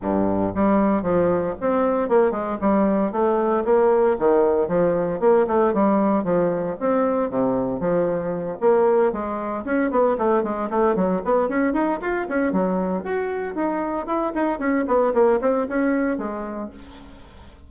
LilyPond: \new Staff \with { instrumentName = "bassoon" } { \time 4/4 \tempo 4 = 115 g,4 g4 f4 c'4 | ais8 gis8 g4 a4 ais4 | dis4 f4 ais8 a8 g4 | f4 c'4 c4 f4~ |
f8 ais4 gis4 cis'8 b8 a8 | gis8 a8 fis8 b8 cis'8 dis'8 f'8 cis'8 | fis4 fis'4 dis'4 e'8 dis'8 | cis'8 b8 ais8 c'8 cis'4 gis4 | }